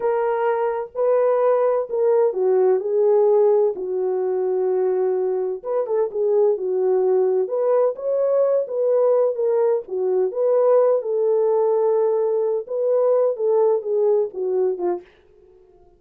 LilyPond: \new Staff \with { instrumentName = "horn" } { \time 4/4 \tempo 4 = 128 ais'2 b'2 | ais'4 fis'4 gis'2 | fis'1 | b'8 a'8 gis'4 fis'2 |
b'4 cis''4. b'4. | ais'4 fis'4 b'4. a'8~ | a'2. b'4~ | b'8 a'4 gis'4 fis'4 f'8 | }